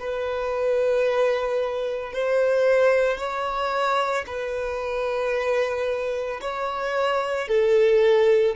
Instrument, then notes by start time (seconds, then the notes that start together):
violin
0.00 B4
2.13 C5
3.18 C#5
4.27 B4
6.41 C#5
7.49 A4